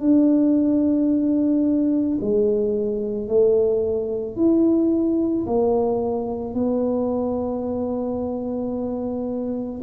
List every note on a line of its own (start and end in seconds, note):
0.00 2.18 D4
2.21 3.28 G#3
3.28 4.36 A3
4.36 5.45 E4
5.46 6.54 A#3
6.54 9.81 B3